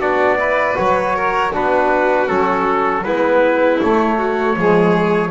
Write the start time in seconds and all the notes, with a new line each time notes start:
0.00 B3 D4 F#4 D5
0.38 E4 B4
0.75 F#3 F#4 C#5
1.16 A#4
1.53 B3 D4 F#4 B4
2.28 F#3 C#4 A4
3.04 G#3 B3 E4 B4
3.82 A3 C#5
4.19 F#4
4.57 F3 G#3 G#4